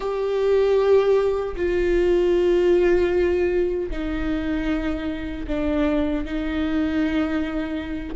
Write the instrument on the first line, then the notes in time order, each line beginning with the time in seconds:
viola
0.00 G4
1.56 F4
3.90 D#4
5.47 D4
6.25 D#4